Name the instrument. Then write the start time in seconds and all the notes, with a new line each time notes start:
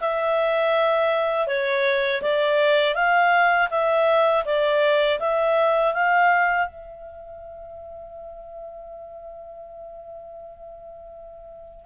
clarinet
0.00 E5
1.47 C#5
2.22 D5
2.95 F5
3.70 E5
4.45 D5
5.19 E5
5.93 F5
6.67 E5